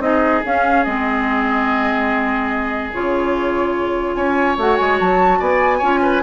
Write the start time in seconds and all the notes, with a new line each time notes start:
0.00 C4 D#4 G#4 D#5
0.46 C#4 F5
0.84 G#3 C4 D#5
2.94 C#3 F4 C#5
4.15 C#4 C#5 G#5
4.58 A3 F#4 F#5
4.77 G#3 G#5
5.00 F#3 A5
5.39 B3 D5 G#5
5.78 C#4 F4 C#5
6.02 B4